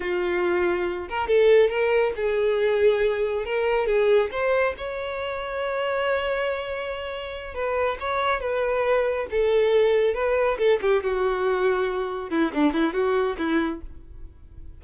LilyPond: \new Staff \with { instrumentName = "violin" } { \time 4/4 \tempo 4 = 139 f'2~ f'8 ais'8 a'4 | ais'4 gis'2. | ais'4 gis'4 c''4 cis''4~ | cis''1~ |
cis''4. b'4 cis''4 b'8~ | b'4. a'2 b'8~ | b'8 a'8 g'8 fis'2~ fis'8~ | fis'8 e'8 d'8 e'8 fis'4 e'4 | }